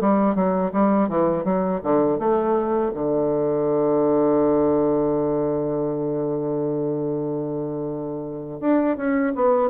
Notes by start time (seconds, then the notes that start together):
0.00 G3
0.35 F#3
0.72 G3
1.08 E3
1.44 F#3
1.83 D3
2.19 A3
2.94 D3
8.60 D4
8.96 C#4
9.35 B3